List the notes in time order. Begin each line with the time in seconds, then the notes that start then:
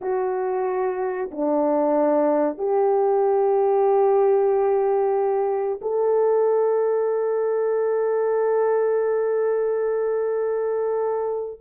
0.01 F#4
1.31 D4
2.57 G4
5.81 A4